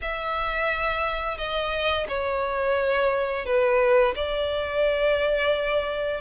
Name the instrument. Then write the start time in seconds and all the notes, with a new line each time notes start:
violin
0.01 E5
1.37 D#5
2.08 C#5
3.45 B4
4.15 D5